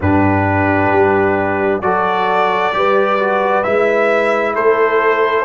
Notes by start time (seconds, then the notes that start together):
0.00 G2 D4 G4 B4
0.91 G3
1.81 F#3 F#4 A4 D5
2.72 G3 G4 B4
3.19 F#4
3.63 G#3 E4 E5
4.54 A3 A4 C5